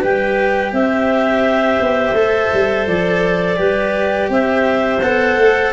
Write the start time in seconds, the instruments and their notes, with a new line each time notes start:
0.00 tuba G3, cello G4, clarinet B4 G5
0.72 tuba C4, clarinet C5 E5
1.80 tuba B3
2.13 tuba A3, cello A4
2.53 tuba G3
2.87 tuba F3, clarinet D5
3.57 tuba G3, cello G4, clarinet B4
4.29 tuba C4, clarinet C5 E5
5.02 tuba B3, cello A4, clarinet F#5
5.37 tuba A3